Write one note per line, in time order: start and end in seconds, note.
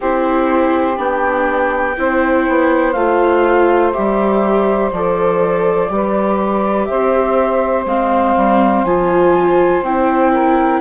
0.00 0.98 C4
0.00 0.97 E4
0.00 1.95 G4
0.00 0.99 C5
0.97 1.96 B3
0.97 1.95 D4
0.97 2.92 G5
1.96 2.47 C4
1.96 2.95 E4
1.96 5.92 C5
2.48 2.94 B3
2.92 3.93 A3
2.92 3.93 F4
2.92 3.91 F5
3.92 4.92 G3
3.92 4.91 G4
3.92 4.90 E5
4.92 5.90 F3
4.92 5.88 A4
4.92 6.84 D5
5.88 6.88 G3
5.88 7.85 G4
5.88 6.89 B4
6.84 7.85 C4
6.84 10.32 C5
6.84 7.83 E5
7.85 8.34 G#3
7.85 8.85 C4
7.85 8.84 F5
8.36 8.84 G3
8.84 9.82 F3
8.84 9.83 F4
8.84 9.82 G#5
9.82 10.80 C4
9.82 10.80 E4
9.82 10.80 G5
10.32 10.80 A#4